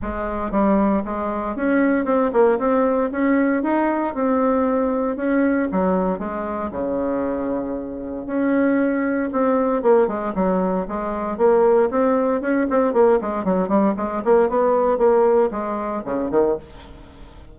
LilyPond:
\new Staff \with { instrumentName = "bassoon" } { \time 4/4 \tempo 4 = 116 gis4 g4 gis4 cis'4 | c'8 ais8 c'4 cis'4 dis'4 | c'2 cis'4 fis4 | gis4 cis2. |
cis'2 c'4 ais8 gis8 | fis4 gis4 ais4 c'4 | cis'8 c'8 ais8 gis8 fis8 g8 gis8 ais8 | b4 ais4 gis4 cis8 dis8 | }